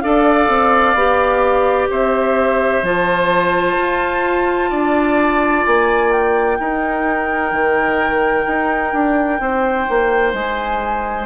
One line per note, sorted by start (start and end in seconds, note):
0.00 0.48 D4
0.00 0.96 A4
0.00 1.90 D5
0.00 1.88 F5
0.48 0.94 C4
0.94 1.88 B3
0.94 2.84 G4
1.90 2.82 C4
1.90 4.70 C5
1.90 2.84 E5
2.82 3.76 F3
2.82 6.59 F4
2.82 5.65 A5
3.78 4.71 F4
4.70 5.65 D4
4.70 6.57 D5
5.66 6.58 A#3
5.66 6.11 G#5
6.11 10.33 G5
6.58 7.51 D#4
6.58 11.25 D#4
6.58 9.41 A#4
7.51 8.45 D#3
8.47 8.93 D#4
8.93 9.39 D4
9.39 9.86 C4
9.39 11.25 C5
9.89 10.33 A#3
10.33 11.25 G#3
10.33 11.25 G#5